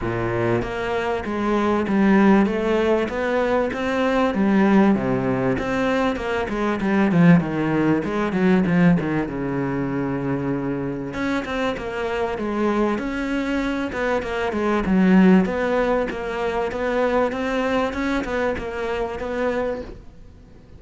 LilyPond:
\new Staff \with { instrumentName = "cello" } { \time 4/4 \tempo 4 = 97 ais,4 ais4 gis4 g4 | a4 b4 c'4 g4 | c4 c'4 ais8 gis8 g8 f8 | dis4 gis8 fis8 f8 dis8 cis4~ |
cis2 cis'8 c'8 ais4 | gis4 cis'4. b8 ais8 gis8 | fis4 b4 ais4 b4 | c'4 cis'8 b8 ais4 b4 | }